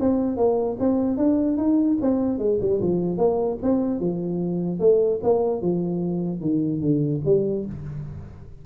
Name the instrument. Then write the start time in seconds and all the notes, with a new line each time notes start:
tuba
0.00 C4
0.37 A#3
0.80 C4
1.17 D4
1.57 D#4
2.01 C4
2.38 G#3
2.61 G3
2.81 F3
3.18 A#3
3.63 C4
4.00 F3
4.80 A3
5.23 A#3
5.62 F3
6.41 D#3
6.81 D3
7.25 G3